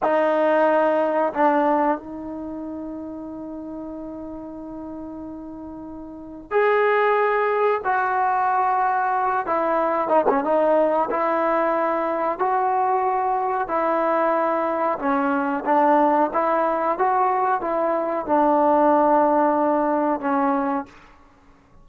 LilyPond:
\new Staff \with { instrumentName = "trombone" } { \time 4/4 \tempo 4 = 92 dis'2 d'4 dis'4~ | dis'1~ | dis'2 gis'2 | fis'2~ fis'8 e'4 dis'16 cis'16 |
dis'4 e'2 fis'4~ | fis'4 e'2 cis'4 | d'4 e'4 fis'4 e'4 | d'2. cis'4 | }